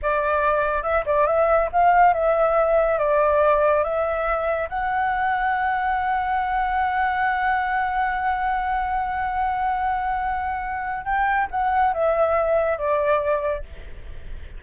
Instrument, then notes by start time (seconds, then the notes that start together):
flute
0.02 D5
0.82 E5
1.05 D5
1.26 E5
1.72 F5
2.13 E5
2.98 D5
3.83 E5
4.69 F#5
11.05 G5
11.50 F#5
11.93 E5
12.78 D5